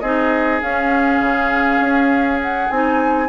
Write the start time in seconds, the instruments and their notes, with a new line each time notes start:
0.00 bassoon C4, clarinet D#4, oboe G#4, flute D#5
0.62 bassoon C#4, clarinet C#4, flute F5
1.20 bassoon C#3
1.80 bassoon C#4
2.42 flute F#5
2.70 bassoon C4, clarinet D#4, flute G#5